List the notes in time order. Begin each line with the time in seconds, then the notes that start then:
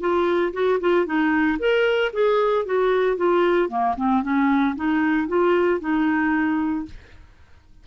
0.00 F4
0.53 F#4
0.80 F4
1.06 D#4
1.59 A#4
2.13 G#4
2.65 F#4
3.17 F4
3.69 A#3
3.97 C4
4.23 C#4
4.76 D#4
5.28 F4
5.80 D#4